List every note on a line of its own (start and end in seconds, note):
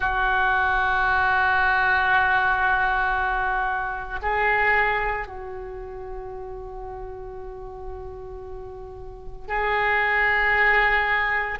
0.00 4.19 F#4
4.22 5.27 G#4
5.27 9.47 F#4
9.47 11.58 G#4